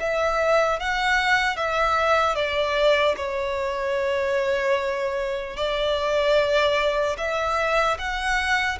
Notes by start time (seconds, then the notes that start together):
0.00 E5
0.80 F#5
1.56 E5
2.35 D5
3.17 C#5
5.56 D5
7.18 E5
7.99 F#5